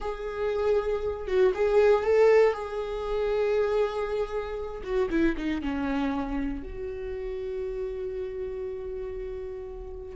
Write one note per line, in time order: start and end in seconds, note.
0.00 1.27 G#4
1.27 1.52 F#4
1.54 2.04 G#4
2.04 2.53 A4
2.53 4.81 G#4
4.83 5.08 F#4
5.10 5.35 E4
5.37 5.61 D#4
5.61 6.62 C#4
6.62 10.15 F#4